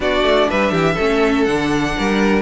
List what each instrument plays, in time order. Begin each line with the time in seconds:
0.00 cello B3, viola D4, violin F#4 D5
0.22 cello A3
0.49 cello G3, violin B4 E5
0.71 cello E3, violin G4
0.94 cello A3, viola C#4, violin A4
1.44 cello D3, viola D4, violin F#5
1.98 cello G3, violin A#4